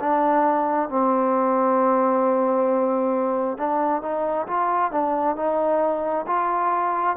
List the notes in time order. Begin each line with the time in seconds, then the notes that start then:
0.00 D4
0.90 C4
3.58 D4
4.02 D#4
4.47 F4
4.92 D4
5.36 D#4
6.27 F4